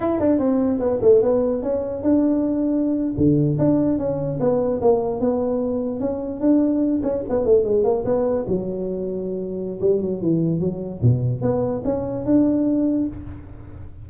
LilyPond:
\new Staff \with { instrumentName = "tuba" } { \time 4/4 \tempo 4 = 147 e'8 d'8 c'4 b8 a8 b4 | cis'4 d'2~ d'8. d16~ | d8. d'4 cis'4 b4 ais16~ | ais8. b2 cis'4 d'16~ |
d'4~ d'16 cis'8 b8 a8 gis8 ais8 b16~ | b8. fis2.~ fis16 | g8 fis8 e4 fis4 b,4 | b4 cis'4 d'2 | }